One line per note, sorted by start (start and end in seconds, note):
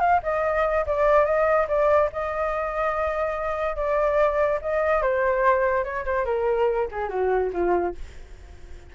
0.00 0.21 F5
0.23 0.85 D#5
0.87 1.25 D5
1.25 1.67 D#5
1.68 2.09 D5
2.12 3.76 D#5
3.76 4.59 D5
4.62 5.02 D#5
5.02 5.84 C5
5.84 6.05 C#5
6.05 6.25 C5
6.25 6.88 A#4
6.91 7.09 G#4
7.09 7.51 F#4
7.53 7.95 F4